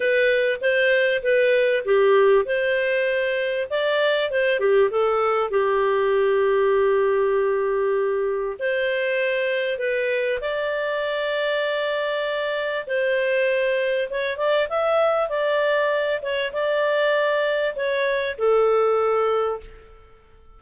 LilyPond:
\new Staff \with { instrumentName = "clarinet" } { \time 4/4 \tempo 4 = 98 b'4 c''4 b'4 g'4 | c''2 d''4 c''8 g'8 | a'4 g'2.~ | g'2 c''2 |
b'4 d''2.~ | d''4 c''2 cis''8 d''8 | e''4 d''4. cis''8 d''4~ | d''4 cis''4 a'2 | }